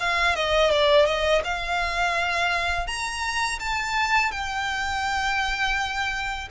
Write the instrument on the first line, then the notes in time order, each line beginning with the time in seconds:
violin
0.00 F5
0.35 D#5
0.71 D5
1.06 D#5
1.45 F5
2.87 A#5
3.59 A5
4.32 G5